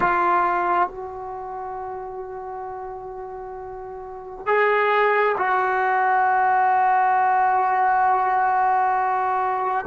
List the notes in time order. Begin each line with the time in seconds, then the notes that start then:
0.00 F4
0.89 F#4
4.46 G#4
5.37 F#4